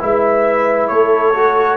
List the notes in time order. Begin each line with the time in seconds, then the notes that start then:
0.00 G#3 E4 B4 E5
0.88 A3 A4 C#5
1.35 F#4